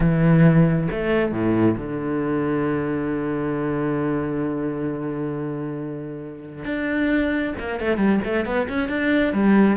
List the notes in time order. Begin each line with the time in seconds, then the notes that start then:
0.00 E3
0.91 A3
1.32 A2
1.77 D3
6.64 D4
7.58 A#3
7.79 A3
7.97 G3
8.24 A3
8.45 B3
8.68 C#4
8.88 D4
9.33 G3